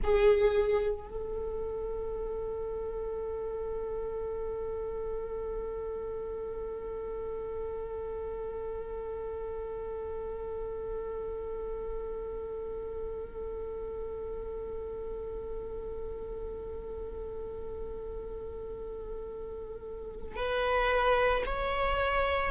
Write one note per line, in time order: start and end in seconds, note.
0.03 1.08 G#4
1.08 20.36 A4
20.36 21.43 B4
21.46 22.50 C#5